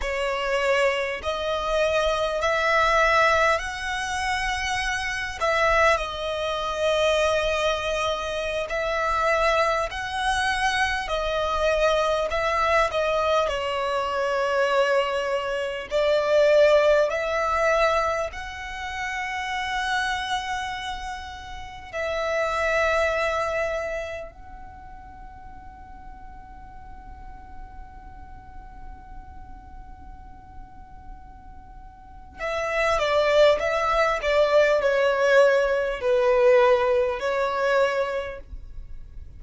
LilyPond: \new Staff \with { instrumentName = "violin" } { \time 4/4 \tempo 4 = 50 cis''4 dis''4 e''4 fis''4~ | fis''8 e''8 dis''2~ dis''16 e''8.~ | e''16 fis''4 dis''4 e''8 dis''8 cis''8.~ | cis''4~ cis''16 d''4 e''4 fis''8.~ |
fis''2~ fis''16 e''4.~ e''16~ | e''16 fis''2.~ fis''8.~ | fis''2. e''8 d''8 | e''8 d''8 cis''4 b'4 cis''4 | }